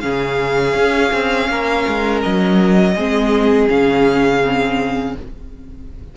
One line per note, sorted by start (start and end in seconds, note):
0.00 0.74 C#3
0.00 2.94 C#4
0.00 1.50 G#4
0.00 2.20 F5
0.74 1.11 C#4
1.12 1.48 C4
1.48 1.85 A#3
1.48 2.94 A#4
1.87 2.24 G#3
2.22 2.95 F#3
2.22 3.68 D#5
2.94 3.68 G#3
2.94 3.68 C4
2.94 5.13 G#4
3.68 5.16 C#3
3.68 4.41 C#4
3.68 5.15 F5
4.43 5.16 C4